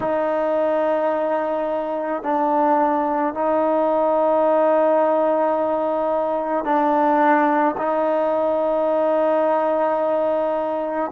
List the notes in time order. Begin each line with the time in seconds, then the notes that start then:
0.00 D#4
2.22 D4
3.34 D#4
6.64 D4
7.77 D#4